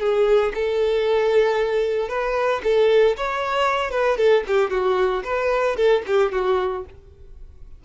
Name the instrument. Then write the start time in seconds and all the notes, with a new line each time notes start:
violin
0.00 G#4
0.55 A4
2.09 B4
2.64 A4
3.17 C#5
3.91 B4
4.18 A4
4.48 G4
4.71 F#4
5.24 B4
5.77 A4
6.07 G4
6.33 F#4